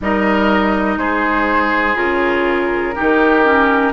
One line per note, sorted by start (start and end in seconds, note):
0.01 0.97 G3
0.01 1.95 D#4
0.01 0.98 A#4
0.01 0.98 D#5
0.97 1.95 G#3
0.97 2.95 G#4
0.97 1.96 C5
1.95 2.94 C#3
1.95 2.93 F4
1.95 3.92 A#4
2.95 3.92 D#3
2.95 3.44 D#4
2.95 3.92 G4
3.44 3.92 C#4